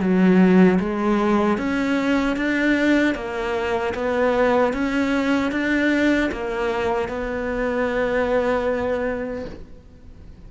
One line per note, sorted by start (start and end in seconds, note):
0.00 0.79 F#3
0.80 1.58 G#3
1.58 2.36 C#4
2.36 3.15 D4
3.15 3.94 A#3
3.95 4.73 B3
4.73 5.52 C#4
5.52 6.31 D4
6.32 7.08 A#3
7.08 9.45 B3